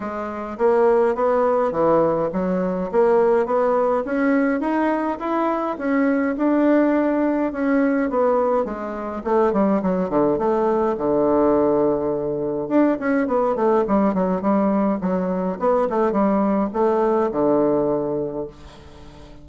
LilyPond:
\new Staff \with { instrumentName = "bassoon" } { \time 4/4 \tempo 4 = 104 gis4 ais4 b4 e4 | fis4 ais4 b4 cis'4 | dis'4 e'4 cis'4 d'4~ | d'4 cis'4 b4 gis4 |
a8 g8 fis8 d8 a4 d4~ | d2 d'8 cis'8 b8 a8 | g8 fis8 g4 fis4 b8 a8 | g4 a4 d2 | }